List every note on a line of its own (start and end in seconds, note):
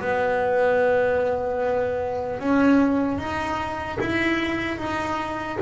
0.00 2.40 B3
2.40 3.18 C#4
3.18 3.98 D#4
4.00 4.78 E4
4.78 5.58 D#4